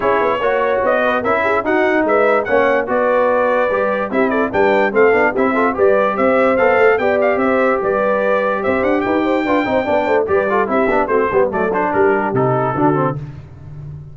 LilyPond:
<<
  \new Staff \with { instrumentName = "trumpet" } { \time 4/4 \tempo 4 = 146 cis''2 dis''4 e''4 | fis''4 e''4 fis''4 d''4~ | d''2 e''8 d''8 g''4 | f''4 e''4 d''4 e''4 |
f''4 g''8 f''8 e''4 d''4~ | d''4 e''8 fis''8 g''2~ | g''4 d''4 e''4 c''4 | d''8 c''8 ais'4 a'2 | }
  \new Staff \with { instrumentName = "horn" } { \time 4/4 gis'4 cis''4. b'8 ais'8 gis'8 | fis'4 b'4 cis''4 b'4~ | b'2 g'8 a'8 b'4 | a'4 g'8 a'8 b'4 c''4~ |
c''4 d''4 c''4 b'4~ | b'4 c''4 b'8 c''8 b'8 c''8 | d''8 c''8 b'8 a'8 g'4 fis'8 g'8 | a'4 g'2 fis'4 | }
  \new Staff \with { instrumentName = "trombone" } { \time 4/4 e'4 fis'2 e'4 | dis'2 cis'4 fis'4~ | fis'4 g'4 e'4 d'4 | c'8 d'8 e'8 f'8 g'2 |
a'4 g'2.~ | g'2. f'8 dis'8 | d'4 g'8 f'8 e'8 d'8 c'8 b8 | a8 d'4. dis'4 d'8 c'8 | }
  \new Staff \with { instrumentName = "tuba" } { \time 4/4 cis'8 b8 ais4 b4 cis'4 | dis'4 gis4 ais4 b4~ | b4 g4 c'4 g4 | a8 b8 c'4 g4 c'4 |
b8 a8 b4 c'4 g4~ | g4 c'8 d'8 dis'4 d'8 c'8 | b8 a8 g4 c'8 b8 a8 g8 | fis4 g4 c4 d4 | }
>>